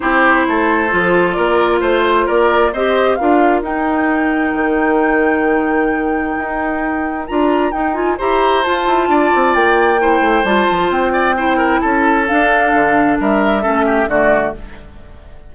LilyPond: <<
  \new Staff \with { instrumentName = "flute" } { \time 4/4 \tempo 4 = 132 c''2. d''4 | c''4 d''4 dis''4 f''4 | g''1~ | g''1 |
ais''4 g''8 gis''8 ais''4 a''4~ | a''4 g''2 a''4 | g''2 a''4 f''4~ | f''4 e''2 d''4 | }
  \new Staff \with { instrumentName = "oboe" } { \time 4/4 g'4 a'2 ais'4 | c''4 ais'4 c''4 ais'4~ | ais'1~ | ais'1~ |
ais'2 c''2 | d''2 c''2~ | c''8 d''8 c''8 ais'8 a'2~ | a'4 ais'4 a'8 g'8 fis'4 | }
  \new Staff \with { instrumentName = "clarinet" } { \time 4/4 e'2 f'2~ | f'2 g'4 f'4 | dis'1~ | dis'1 |
f'4 dis'8 f'8 g'4 f'4~ | f'2 e'4 f'4~ | f'4 e'2 d'4~ | d'2 cis'4 a4 | }
  \new Staff \with { instrumentName = "bassoon" } { \time 4/4 c'4 a4 f4 ais4 | a4 ais4 c'4 d'4 | dis'2 dis2~ | dis2 dis'2 |
d'4 dis'4 e'4 f'8 e'8 | d'8 c'8 ais4. a8 g8 f8 | c'2 cis'4 d'4 | d4 g4 a4 d4 | }
>>